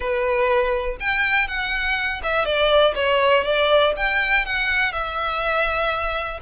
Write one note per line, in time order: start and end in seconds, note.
0.00 0.97 B4
1.00 1.47 G5
1.47 2.21 F#5
2.23 2.45 E5
2.45 2.94 D5
2.95 3.44 C#5
3.44 3.93 D5
3.96 4.45 G5
4.45 4.92 F#5
4.92 6.39 E5